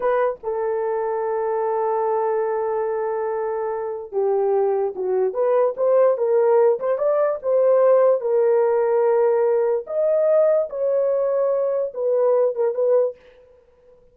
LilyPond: \new Staff \with { instrumentName = "horn" } { \time 4/4 \tempo 4 = 146 b'4 a'2.~ | a'1~ | a'2 g'2 | fis'4 b'4 c''4 ais'4~ |
ais'8 c''8 d''4 c''2 | ais'1 | dis''2 cis''2~ | cis''4 b'4. ais'8 b'4 | }